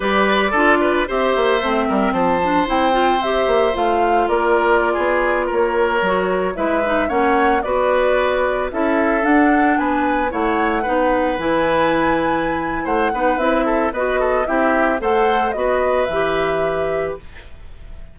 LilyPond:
<<
  \new Staff \with { instrumentName = "flute" } { \time 4/4 \tempo 4 = 112 d''2 e''2 | a''4 g''4 e''4 f''4 | d''2~ d''16 cis''4.~ cis''16~ | cis''16 e''4 fis''4 d''4.~ d''16~ |
d''16 e''4 fis''4 gis''4 fis''8.~ | fis''4~ fis''16 gis''2~ gis''8. | fis''4 e''4 dis''4 e''4 | fis''4 dis''4 e''2 | }
  \new Staff \with { instrumentName = "oboe" } { \time 4/4 b'4 a'8 b'8 c''4. ais'8 | c''1 | ais'4~ ais'16 gis'4 ais'4.~ ais'16~ | ais'16 b'4 cis''4 b'4.~ b'16~ |
b'16 a'2 b'4 cis''8.~ | cis''16 b'2.~ b'8. | c''8 b'4 a'8 b'8 a'8 g'4 | c''4 b'2. | }
  \new Staff \with { instrumentName = "clarinet" } { \time 4/4 g'4 f'4 g'4 c'4~ | c'8 d'8 e'8 f'8 g'4 f'4~ | f'2.~ f'16 fis'8.~ | fis'16 e'8 dis'8 cis'4 fis'4.~ fis'16~ |
fis'16 e'4 d'2 e'8.~ | e'16 dis'4 e'2~ e'8.~ | e'8 dis'8 e'4 fis'4 e'4 | a'4 fis'4 g'2 | }
  \new Staff \with { instrumentName = "bassoon" } { \time 4/4 g4 d'4 c'8 ais8 a8 g8 | f4 c'4. ais8 a4 | ais4~ ais16 b4 ais4 fis8.~ | fis16 gis4 ais4 b4.~ b16~ |
b16 cis'4 d'4 b4 a8.~ | a16 b4 e2~ e8. | a8 b8 c'4 b4 c'4 | a4 b4 e2 | }
>>